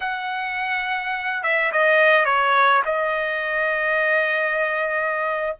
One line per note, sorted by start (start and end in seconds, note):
0.00 1.43 F#5
1.43 1.71 E5
1.71 2.25 D#5
2.25 2.82 C#5
2.85 5.56 D#5